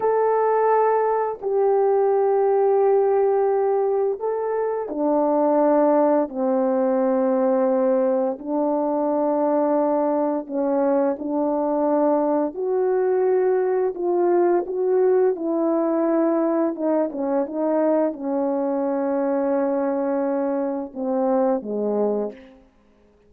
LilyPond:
\new Staff \with { instrumentName = "horn" } { \time 4/4 \tempo 4 = 86 a'2 g'2~ | g'2 a'4 d'4~ | d'4 c'2. | d'2. cis'4 |
d'2 fis'2 | f'4 fis'4 e'2 | dis'8 cis'8 dis'4 cis'2~ | cis'2 c'4 gis4 | }